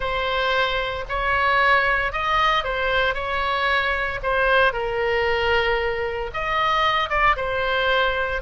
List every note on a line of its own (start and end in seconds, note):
0.00 1.04 C5
1.08 2.12 C#5
2.12 2.64 D#5
2.64 3.14 C5
3.14 4.19 C#5
4.22 4.72 C5
4.72 6.30 A#4
6.33 7.09 D#5
7.09 7.35 D5
7.36 8.41 C5